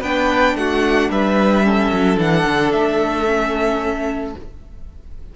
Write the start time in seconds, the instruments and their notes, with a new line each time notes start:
0.00 cello B3, viola D4, violin B4 G5
0.55 cello A3, violin F#4 F#5
1.10 cello G3, violin B4 E5
1.64 viola C#4, violin A4
1.92 cello F#3
2.17 cello E3, viola D4, violin F#5
2.46 cello D3
2.72 cello A3, violin E5
3.26 viola C#4